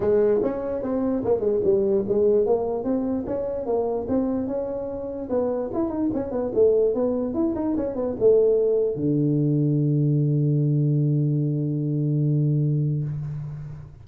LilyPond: \new Staff \with { instrumentName = "tuba" } { \time 4/4 \tempo 4 = 147 gis4 cis'4 c'4 ais8 gis8 | g4 gis4 ais4 c'4 | cis'4 ais4 c'4 cis'4~ | cis'4 b4 e'8 dis'8 cis'8 b8 |
a4 b4 e'8 dis'8 cis'8 b8 | a2 d2~ | d1~ | d1 | }